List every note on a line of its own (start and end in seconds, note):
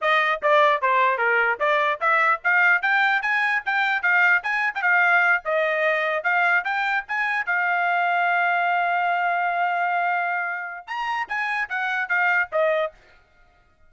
0.01 0.41 D#5
0.42 0.81 D5
0.81 1.18 C5
1.18 1.58 A#4
1.59 2.00 D5
2.00 2.40 E5
2.44 2.82 F5
2.82 3.22 G5
3.22 3.62 G#5
3.65 4.02 G5
4.02 4.42 F5
4.43 4.73 G#5
4.74 4.81 G5
4.81 5.42 F5
5.45 6.23 D#5
6.23 6.64 F5
6.64 7.04 G5
7.07 7.46 G#5
7.46 10.87 F5
10.87 11.27 A#5
11.28 11.68 G#5
11.69 12.08 F#5
12.08 12.49 F5
12.52 12.92 D#5